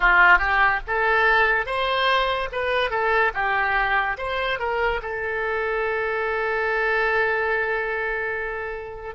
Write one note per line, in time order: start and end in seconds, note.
0.00 0.38 F4
0.38 0.80 G4
0.87 1.66 A4
1.66 2.49 C5
2.52 2.90 B4
2.90 3.32 A4
3.33 4.17 G4
4.17 4.59 C5
4.59 5.00 A#4
5.02 9.15 A4